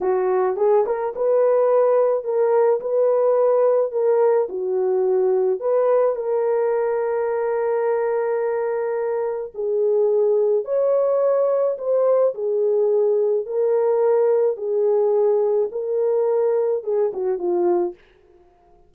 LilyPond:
\new Staff \with { instrumentName = "horn" } { \time 4/4 \tempo 4 = 107 fis'4 gis'8 ais'8 b'2 | ais'4 b'2 ais'4 | fis'2 b'4 ais'4~ | ais'1~ |
ais'4 gis'2 cis''4~ | cis''4 c''4 gis'2 | ais'2 gis'2 | ais'2 gis'8 fis'8 f'4 | }